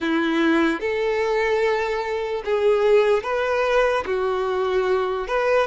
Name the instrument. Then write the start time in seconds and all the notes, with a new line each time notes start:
violin
0.00 E4
0.80 A4
2.44 G#4
3.22 B4
4.05 F#4
5.27 B4